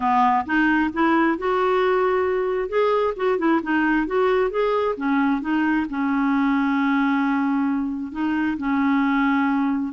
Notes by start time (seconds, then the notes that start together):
0.00 B3
0.45 D#4
0.93 E4
1.38 F#4
2.68 G#4
3.16 F#4
3.38 E4
3.63 D#4
4.07 F#4
4.50 G#4
4.96 C#4
5.41 D#4
5.89 C#4
8.12 D#4
8.57 C#4